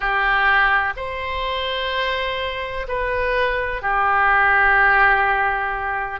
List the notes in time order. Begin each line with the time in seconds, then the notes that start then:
0.00 G4
0.96 C5
2.88 B4
3.81 G4